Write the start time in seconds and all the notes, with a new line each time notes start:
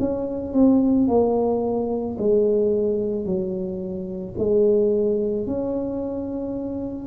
0.00 C#4
0.54 C4
1.08 A#3
2.19 G#3
3.25 F#3
4.38 G#3
5.47 C#4